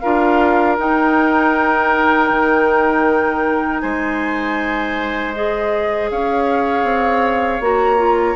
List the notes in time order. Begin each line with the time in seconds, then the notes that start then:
0.00 D4 F4 A#4 F5
0.78 D#4 G5
2.30 D#3
3.80 G#3 C5 G#5
5.34 G#4 D#5
6.11 C#4 C#5 F5
6.84 C4
7.60 A#3 F#4 A#5
7.98 F4